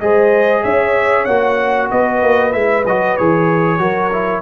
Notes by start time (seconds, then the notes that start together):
0.00 G#3 G#4 C5 D#5
0.63 C#4 C#5 E5
1.24 A#3 F#4 F#5
1.91 B3 B4 D#5
2.22 A#3
2.52 G#3 E4 E5
2.86 F#3 F#4 D#5
3.16 E3 G#4 C#5
3.79 F#3 F#4 A#4
4.12 E4